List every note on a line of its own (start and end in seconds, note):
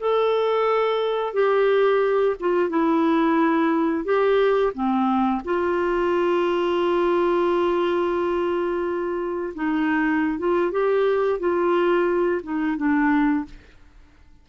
0.00 1.34 A4
1.34 2.36 G4
2.40 2.70 F4
2.70 4.05 E4
4.05 4.73 G4
4.74 5.42 C4
5.45 9.54 F4
9.55 10.39 D#4
10.39 10.72 F4
10.72 11.40 G4
11.40 12.42 F4
12.43 12.77 D#4
12.77 13.46 D4